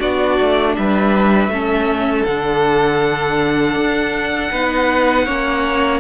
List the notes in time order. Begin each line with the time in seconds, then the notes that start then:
0.00 B3 D4 F#4 D5
0.40 A3
0.76 G3 B4 E5
1.48 A3 C#4 A4
2.26 D3 D4 F#5
3.76 D4
4.51 B3 D#4 B4
5.26 A#3 C#4 C#5